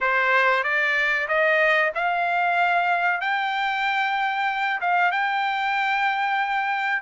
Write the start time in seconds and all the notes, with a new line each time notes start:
0.00 C5
0.63 D5
1.28 D#5
1.94 F5
3.21 G5
4.80 F5
5.11 G5